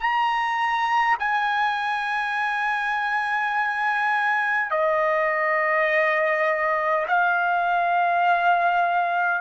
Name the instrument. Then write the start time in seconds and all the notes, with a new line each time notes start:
trumpet
0.00 A#5
1.19 G#5
4.71 D#5
7.07 F5